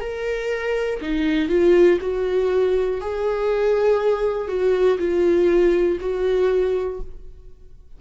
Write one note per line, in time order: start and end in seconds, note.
0.00 1.00 A#4
1.00 1.48 D#4
1.48 1.98 F4
2.00 3.00 F#4
3.00 4.48 G#4
4.48 4.98 F#4
4.98 5.98 F4
6.00 7.00 F#4